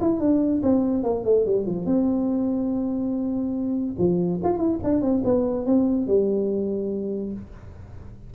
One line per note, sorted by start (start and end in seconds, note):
0.00 0.19 E4
0.19 0.61 D4
0.63 1.03 C4
1.03 1.24 A#3
1.24 1.45 A3
1.45 1.66 G3
1.66 1.85 F3
1.85 3.95 C4
3.98 4.40 F3
4.43 4.57 F4
4.57 4.78 E4
4.83 5.01 D4
5.01 5.22 C4
5.24 5.65 B3
5.65 6.07 C4
6.07 7.33 G3